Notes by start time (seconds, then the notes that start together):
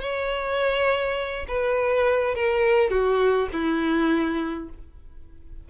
0.00 C#5
1.48 B4
2.35 A#4
2.90 F#4
3.52 E4